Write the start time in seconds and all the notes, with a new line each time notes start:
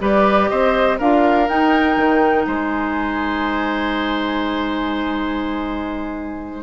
0.00 G3 G4 B4 D5
0.48 C4 C5 D#5
0.98 D4 F4 A#4 F5
1.46 D#4 G5
1.96 D#3
2.45 G#3 C5 G#5